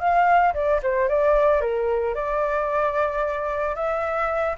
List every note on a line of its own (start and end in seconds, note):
0.00 0.54 F5
0.54 0.81 D5
0.83 1.09 C5
1.09 1.61 D5
1.61 2.15 A#4
2.15 3.75 D5
3.76 4.56 E5